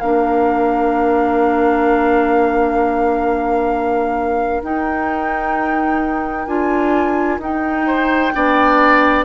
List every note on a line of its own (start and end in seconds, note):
0.00 4.62 A#3
0.00 4.63 D4
0.00 7.85 A#4
0.00 4.62 F5
4.63 6.47 D#4
4.63 6.48 D#4
4.63 6.47 G5
6.47 7.39 D4
6.47 7.40 F4
6.47 7.39 G#5
7.39 8.31 D#4
7.39 8.34 D#4
7.39 9.25 G5
7.87 8.33 C5
8.34 9.25 B3
8.34 9.25 D4
8.34 9.25 D5